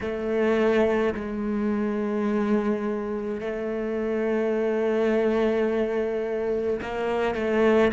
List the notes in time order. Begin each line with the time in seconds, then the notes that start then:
0.01 A3
1.14 G#3
3.40 A3
6.82 A#3
7.34 A3